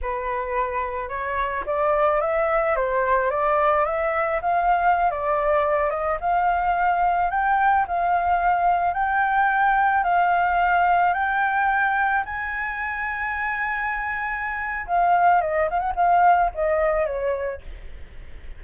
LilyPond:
\new Staff \with { instrumentName = "flute" } { \time 4/4 \tempo 4 = 109 b'2 cis''4 d''4 | e''4 c''4 d''4 e''4 | f''4~ f''16 d''4. dis''8 f''8.~ | f''4~ f''16 g''4 f''4.~ f''16~ |
f''16 g''2 f''4.~ f''16~ | f''16 g''2 gis''4.~ gis''16~ | gis''2. f''4 | dis''8 f''16 fis''16 f''4 dis''4 cis''4 | }